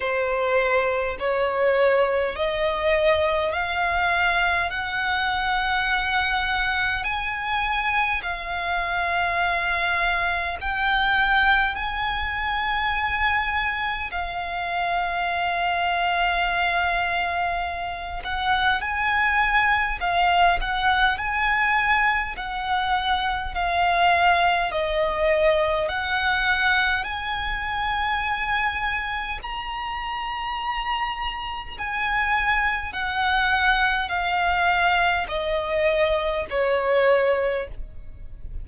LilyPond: \new Staff \with { instrumentName = "violin" } { \time 4/4 \tempo 4 = 51 c''4 cis''4 dis''4 f''4 | fis''2 gis''4 f''4~ | f''4 g''4 gis''2 | f''2.~ f''8 fis''8 |
gis''4 f''8 fis''8 gis''4 fis''4 | f''4 dis''4 fis''4 gis''4~ | gis''4 ais''2 gis''4 | fis''4 f''4 dis''4 cis''4 | }